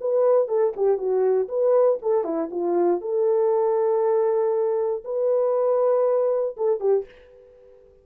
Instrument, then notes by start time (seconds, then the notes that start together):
horn
0.00 B4
0.48 A4
0.76 G4
0.97 F#4
1.48 B4
2.02 A4
2.23 E4
2.51 F4
3.01 A4
5.04 B4
6.56 A4
6.80 G4